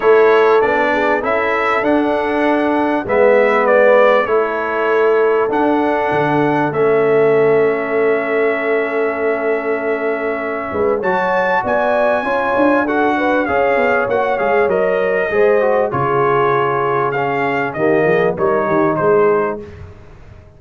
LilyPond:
<<
  \new Staff \with { instrumentName = "trumpet" } { \time 4/4 \tempo 4 = 98 cis''4 d''4 e''4 fis''4~ | fis''4 e''4 d''4 cis''4~ | cis''4 fis''2 e''4~ | e''1~ |
e''2 a''4 gis''4~ | gis''4 fis''4 f''4 fis''8 f''8 | dis''2 cis''2 | f''4 dis''4 cis''4 c''4 | }
  \new Staff \with { instrumentName = "horn" } { \time 4/4 a'4. gis'8 a'2~ | a'4 b'2 a'4~ | a'1~ | a'1~ |
a'4. b'8 cis''4 d''4 | cis''4 a'8 b'8 cis''2~ | cis''4 c''4 gis'2~ | gis'4 g'8 gis'8 ais'8 g'8 gis'4 | }
  \new Staff \with { instrumentName = "trombone" } { \time 4/4 e'4 d'4 e'4 d'4~ | d'4 b2 e'4~ | e'4 d'2 cis'4~ | cis'1~ |
cis'2 fis'2 | f'4 fis'4 gis'4 fis'8 gis'8 | ais'4 gis'8 fis'8 f'2 | cis'4 ais4 dis'2 | }
  \new Staff \with { instrumentName = "tuba" } { \time 4/4 a4 b4 cis'4 d'4~ | d'4 gis2 a4~ | a4 d'4 d4 a4~ | a1~ |
a4. gis8 fis4 b4 | cis'8 d'4. cis'8 b8 ais8 gis8 | fis4 gis4 cis2~ | cis4 dis8 f8 g8 dis8 gis4 | }
>>